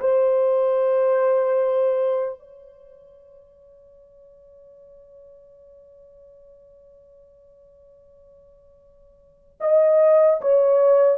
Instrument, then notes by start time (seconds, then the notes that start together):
horn
0.00 C5
2.39 C#5
9.60 D#5
10.41 C#5